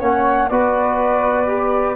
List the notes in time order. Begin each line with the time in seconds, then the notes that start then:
0.00 A#3 C#4 C#5 F#5
0.49 B3 F#4 B4 D5
1.46 G4